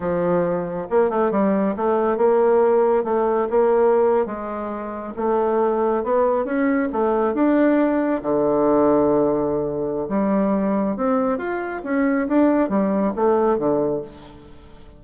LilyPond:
\new Staff \with { instrumentName = "bassoon" } { \time 4/4 \tempo 4 = 137 f2 ais8 a8 g4 | a4 ais2 a4 | ais4.~ ais16 gis2 a16~ | a4.~ a16 b4 cis'4 a16~ |
a8. d'2 d4~ d16~ | d2. g4~ | g4 c'4 f'4 cis'4 | d'4 g4 a4 d4 | }